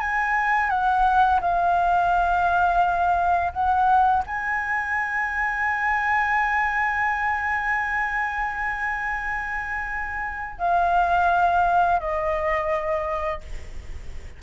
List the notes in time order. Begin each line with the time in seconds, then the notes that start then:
0.00 G#5
0.69 F#5
1.41 F5
3.53 F#5
4.26 G#5
10.58 F5
11.99 D#5